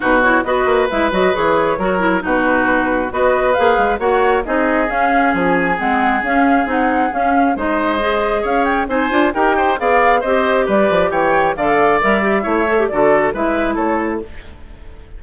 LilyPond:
<<
  \new Staff \with { instrumentName = "flute" } { \time 4/4 \tempo 4 = 135 b'8 cis''8 dis''4 e''8 dis''8 cis''4~ | cis''4 b'2 dis''4 | f''4 fis''4 dis''4 f''4 | gis''4 fis''4 f''4 fis''4 |
f''4 dis''2 f''8 g''8 | gis''4 g''4 f''4 dis''4 | d''4 g''4 f''4 e''4~ | e''4 d''4 e''4 cis''4 | }
  \new Staff \with { instrumentName = "oboe" } { \time 4/4 fis'4 b'2. | ais'4 fis'2 b'4~ | b'4 cis''4 gis'2~ | gis'1~ |
gis'4 c''2 cis''4 | c''4 ais'8 c''8 d''4 c''4 | b'4 cis''4 d''2 | cis''4 a'4 b'4 a'4 | }
  \new Staff \with { instrumentName = "clarinet" } { \time 4/4 dis'8 e'8 fis'4 e'8 fis'8 gis'4 | fis'8 e'8 dis'2 fis'4 | gis'4 fis'4 dis'4 cis'4~ | cis'4 c'4 cis'4 dis'4 |
cis'4 dis'4 gis'2 | dis'8 f'8 g'4 gis'4 g'4~ | g'2 a'4 ais'8 g'8 | e'8 a'16 g'16 fis'4 e'2 | }
  \new Staff \with { instrumentName = "bassoon" } { \time 4/4 b,4 b8 ais8 gis8 fis8 e4 | fis4 b,2 b4 | ais8 gis8 ais4 c'4 cis'4 | f4 gis4 cis'4 c'4 |
cis'4 gis2 cis'4 | c'8 d'8 dis'4 b4 c'4 | g8 f8 e4 d4 g4 | a4 d4 gis4 a4 | }
>>